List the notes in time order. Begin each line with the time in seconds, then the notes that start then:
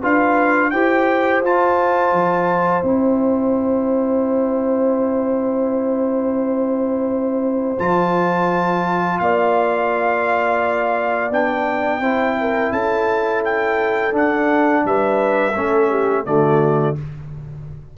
0.00 D4 F4 B4 F5
0.70 E4 G4 C5 G5
1.42 F4 A5
2.12 F3
2.83 C4 E4 G5
7.78 F3 F4 A5
9.19 A#3 D5 F5
11.30 B3 D4 G5
11.99 C4 E4 C5
12.40 A#4
12.72 C#4 A4 A5
13.44 G5
14.11 D4 F#5
14.84 G3 B4 E5
15.54 A3 C#4 A4
15.89 G4
16.25 D3 A3 F#4 D5